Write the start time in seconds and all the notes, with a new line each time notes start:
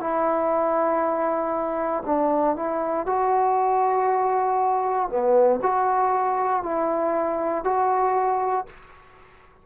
0.00 E4
2.06 D4
2.56 E4
3.06 F#4
5.08 B3
5.62 F#4
6.63 E4
7.64 F#4